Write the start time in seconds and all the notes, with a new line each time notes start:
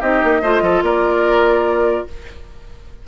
0.00 C4 D#4 G4 D#5
0.23 A#3
0.41 A3 F4 C5
0.61 F3 A4
0.82 A#3 A#4 D5